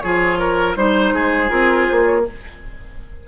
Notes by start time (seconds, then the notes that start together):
0.00 F3 F4 G#4 C#5
0.40 A#4
0.76 G3 D#4 C5
1.13 G#3 G#4
1.49 C4 F4 A#4
1.88 A#3 C5
2.05 C#5